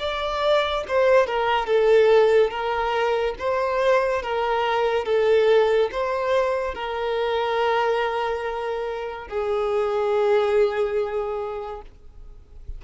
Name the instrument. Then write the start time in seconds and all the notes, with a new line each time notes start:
violin
0.00 D5
0.88 C5
1.28 A#4
1.67 A4
2.51 A#4
3.40 C5
4.23 A#4
5.06 A4
5.92 C5
6.75 A#4
9.28 G#4